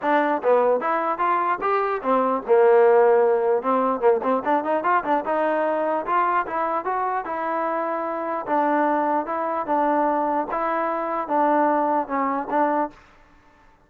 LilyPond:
\new Staff \with { instrumentName = "trombone" } { \time 4/4 \tempo 4 = 149 d'4 b4 e'4 f'4 | g'4 c'4 ais2~ | ais4 c'4 ais8 c'8 d'8 dis'8 | f'8 d'8 dis'2 f'4 |
e'4 fis'4 e'2~ | e'4 d'2 e'4 | d'2 e'2 | d'2 cis'4 d'4 | }